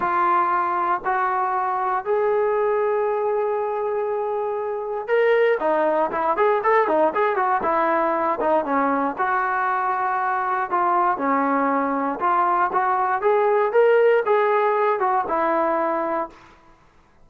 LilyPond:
\new Staff \with { instrumentName = "trombone" } { \time 4/4 \tempo 4 = 118 f'2 fis'2 | gis'1~ | gis'2 ais'4 dis'4 | e'8 gis'8 a'8 dis'8 gis'8 fis'8 e'4~ |
e'8 dis'8 cis'4 fis'2~ | fis'4 f'4 cis'2 | f'4 fis'4 gis'4 ais'4 | gis'4. fis'8 e'2 | }